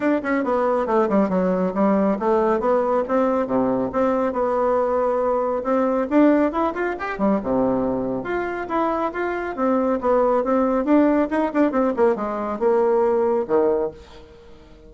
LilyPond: \new Staff \with { instrumentName = "bassoon" } { \time 4/4 \tempo 4 = 138 d'8 cis'8 b4 a8 g8 fis4 | g4 a4 b4 c'4 | c4 c'4 b2~ | b4 c'4 d'4 e'8 f'8 |
g'8 g8 c2 f'4 | e'4 f'4 c'4 b4 | c'4 d'4 dis'8 d'8 c'8 ais8 | gis4 ais2 dis4 | }